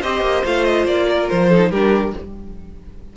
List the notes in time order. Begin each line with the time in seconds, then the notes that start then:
0.00 C4 G4 C5 D#5
0.20 A#3
0.44 A3 F4 F5
0.64 D#5
0.85 A#3 D5
1.09 A#4
1.29 F3 C5
1.49 D#4 A4
1.70 G3 D4 G4 A#4